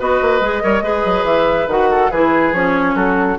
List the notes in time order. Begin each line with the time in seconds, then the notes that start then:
0.00 B3 F#4 B4 D#5
0.22 A#3
0.41 G#3 G#4
0.62 G3 A#4 C#5
0.82 G#3 G#4 B4
1.05 F#3
1.24 E3 E5
1.68 D#3 F#4 F#5
1.91 A4
2.11 E3 E4 G#4 B4
2.53 F3 C#4 C#5
2.95 F#3 F#4 A4